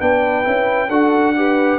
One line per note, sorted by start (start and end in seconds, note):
0.00 0.46 B3
0.00 0.44 D4
0.00 0.90 B4
0.00 0.90 G5
0.44 0.90 C#4
0.44 0.89 E4
0.90 1.79 D4
0.90 1.36 F#4
0.90 1.35 A4
0.90 1.79 F#5
1.36 1.79 G4
1.36 1.79 B4